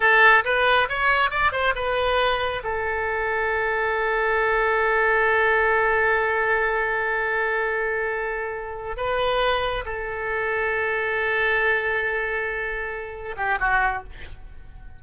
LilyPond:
\new Staff \with { instrumentName = "oboe" } { \time 4/4 \tempo 4 = 137 a'4 b'4 cis''4 d''8 c''8 | b'2 a'2~ | a'1~ | a'1~ |
a'1~ | a'8 b'2 a'4.~ | a'1~ | a'2~ a'8 g'8 fis'4 | }